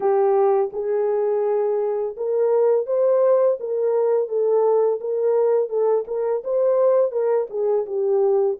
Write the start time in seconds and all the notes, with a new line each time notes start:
0.00 G4
0.72 G#4
2.16 A#4
2.86 C5
3.60 A#4
4.28 A4
5.00 A#4
5.69 A4
6.07 A#4
6.44 C5
7.11 A#4
7.50 G#4
7.86 G4